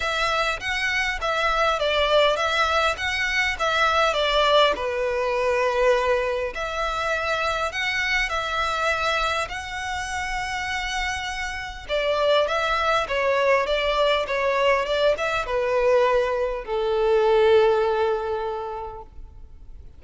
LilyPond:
\new Staff \with { instrumentName = "violin" } { \time 4/4 \tempo 4 = 101 e''4 fis''4 e''4 d''4 | e''4 fis''4 e''4 d''4 | b'2. e''4~ | e''4 fis''4 e''2 |
fis''1 | d''4 e''4 cis''4 d''4 | cis''4 d''8 e''8 b'2 | a'1 | }